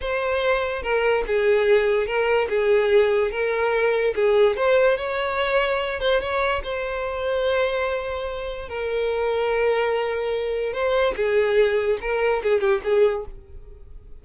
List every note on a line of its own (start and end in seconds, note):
0.00 0.82 C5
0.82 1.24 A#4
1.27 2.06 G#4
2.06 2.48 A#4
2.49 3.31 G#4
3.31 4.14 A#4
4.15 4.56 G#4
4.56 4.97 C5
4.97 6.00 C#5
6.00 6.20 C5
6.20 6.62 C#5
6.63 8.68 C5
8.68 10.73 A#4
10.73 11.14 C5
11.15 11.98 G#4
12.01 12.42 A#4
12.43 12.60 G#4
12.60 12.81 G4
12.84 13.25 G#4